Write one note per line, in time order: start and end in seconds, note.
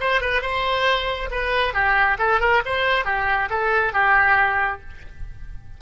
0.00 0.21 C5
0.21 0.41 B4
0.41 1.29 C5
1.31 1.73 B4
1.73 2.17 G4
2.18 2.40 A4
2.40 2.62 A#4
2.65 3.05 C5
3.05 3.49 G4
3.49 3.93 A4
3.93 4.80 G4